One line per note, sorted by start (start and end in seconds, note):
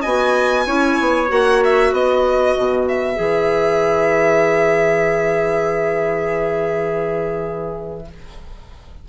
0.00 0.66 B3
0.00 0.66 F#4
0.00 0.63 D#5
0.00 1.27 G#5
0.66 0.98 C#4
0.66 1.28 E4
0.66 1.92 C#5
1.00 1.30 B3
1.28 1.92 A#3
1.28 3.15 F#4
1.28 1.63 F#5
1.64 1.94 E5
1.92 2.55 B3
1.92 8.08 B4
1.92 2.87 D#5
2.57 3.18 B2
2.87 8.08 E5
3.15 8.08 E3
3.15 8.04 G#4